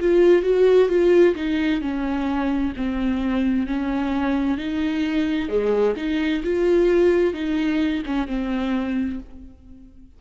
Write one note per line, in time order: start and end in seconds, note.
0.00 0.43 F4
0.43 0.89 F#4
0.89 1.35 F4
1.36 1.81 D#4
1.81 2.74 C#4
2.77 3.67 C4
3.67 4.58 C#4
4.58 5.49 D#4
5.49 5.95 G#3
5.97 6.43 D#4
6.44 7.34 F4
7.34 8.03 D#4
8.06 8.28 C#4
8.28 9.20 C4